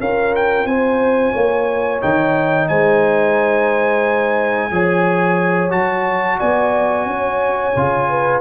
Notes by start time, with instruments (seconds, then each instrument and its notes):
0.00 tuba C#4, trombone F4, horn A#4, trumpet F5
0.36 trumpet G5
0.65 tuba C4, horn C5, trumpet G#5
1.33 tuba A#3, horn C#5
2.02 tuba D#3, trombone D#4, trumpet G5
2.69 tuba G#3, horn C5, trumpet G#5
4.71 tuba F3, trombone G#4, horn C#5
5.71 tuba F#3, trombone F#4, trumpet A5
6.40 tuba B3, horn D5, trumpet G#5
7.06 tuba C#4, horn C#5
7.76 tuba C#3, trombone F4
8.10 horn B4